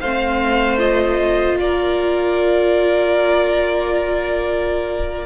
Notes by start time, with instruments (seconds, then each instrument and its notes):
0.00 cello A3, viola C4, violin C5 F5
0.78 viola F4, violin D#5
1.57 cello A#3, violin A#4 D5